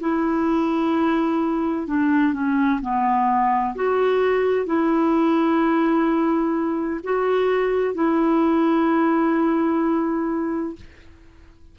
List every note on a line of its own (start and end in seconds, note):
0.00 1.87 E4
1.87 2.33 D4
2.33 2.80 C#4
2.81 3.75 B3
3.75 4.66 F#4
4.66 7.01 E4
7.04 7.94 F#4
7.94 10.76 E4